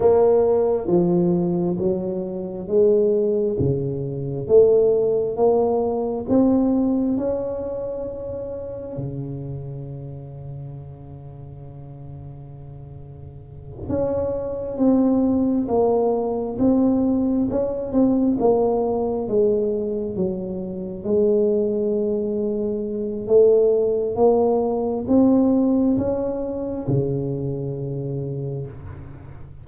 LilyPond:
\new Staff \with { instrumentName = "tuba" } { \time 4/4 \tempo 4 = 67 ais4 f4 fis4 gis4 | cis4 a4 ais4 c'4 | cis'2 cis2~ | cis2.~ cis8 cis'8~ |
cis'8 c'4 ais4 c'4 cis'8 | c'8 ais4 gis4 fis4 gis8~ | gis2 a4 ais4 | c'4 cis'4 cis2 | }